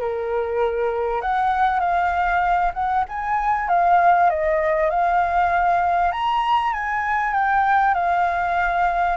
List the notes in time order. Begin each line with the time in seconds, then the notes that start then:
0.00 A#4
1.21 F#5
1.79 F5
2.74 F#5
3.08 G#5
3.68 F5
4.30 D#5
4.90 F5
6.12 A#5
6.73 G#5
7.33 G5
7.94 F5